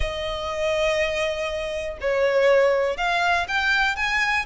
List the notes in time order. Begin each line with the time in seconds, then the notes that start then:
0.00 D#5
2.01 C#5
2.97 F5
3.48 G5
3.96 G#5